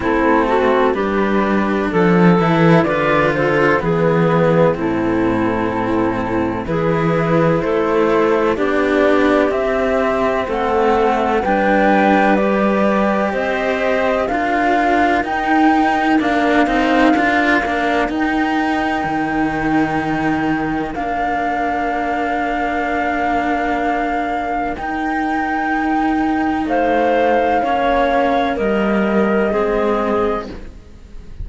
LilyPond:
<<
  \new Staff \with { instrumentName = "flute" } { \time 4/4 \tempo 4 = 63 a'4 b'4 a'4 d''8 c''8 | b'4 a'2 b'4 | c''4 d''4 e''4 fis''4 | g''4 d''4 dis''4 f''4 |
g''4 f''2 g''4~ | g''2 f''2~ | f''2 g''2 | f''2 dis''2 | }
  \new Staff \with { instrumentName = "clarinet" } { \time 4/4 e'8 fis'8 g'4 a'4 b'8 a'8 | gis'4 e'2 gis'4 | a'4 g'2 a'4 | b'2 c''4 ais'4~ |
ais'1~ | ais'1~ | ais'1 | c''4 cis''4 ais'4 gis'4 | }
  \new Staff \with { instrumentName = "cello" } { \time 4/4 c'4 d'4. e'8 f'4 | b4 c'2 e'4~ | e'4 d'4 c'2 | d'4 g'2 f'4 |
dis'4 d'8 dis'8 f'8 d'8 dis'4~ | dis'2 d'2~ | d'2 dis'2~ | dis'4 cis'4 ais4 c'4 | }
  \new Staff \with { instrumentName = "cello" } { \time 4/4 a4 g4 f8 e8 d4 | e4 a,2 e4 | a4 b4 c'4 a4 | g2 c'4 d'4 |
dis'4 ais8 c'8 d'8 ais8 dis'4 | dis2 ais2~ | ais2 dis'2 | a4 ais4 g4 gis4 | }
>>